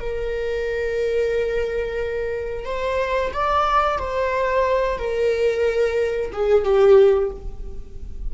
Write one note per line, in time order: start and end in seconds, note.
0.00 2.65 A#4
2.65 3.32 C5
3.33 3.98 D5
3.98 4.98 C5
4.98 6.32 A#4
6.32 6.64 G#4
6.64 7.31 G4